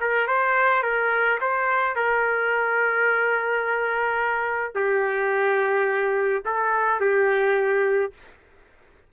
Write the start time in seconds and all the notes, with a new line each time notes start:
0.00 A#4
0.27 C5
0.83 A#4
1.41 C5
1.95 A#4
4.75 G4
6.45 A4
7.00 G4